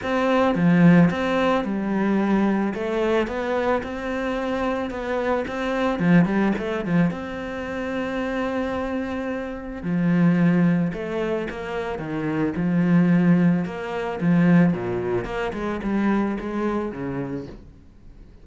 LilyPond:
\new Staff \with { instrumentName = "cello" } { \time 4/4 \tempo 4 = 110 c'4 f4 c'4 g4~ | g4 a4 b4 c'4~ | c'4 b4 c'4 f8 g8 | a8 f8 c'2.~ |
c'2 f2 | a4 ais4 dis4 f4~ | f4 ais4 f4 ais,4 | ais8 gis8 g4 gis4 cis4 | }